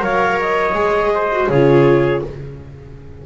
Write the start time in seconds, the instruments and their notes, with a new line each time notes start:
0.00 double bass F#3, viola A#4, trumpet C#5, clarinet F5
0.41 clarinet D#5
0.74 double bass G#3, viola G#4
1.15 trumpet C5
1.32 viola F#4
1.49 double bass C#3, viola F4, trumpet G#4, clarinet C#5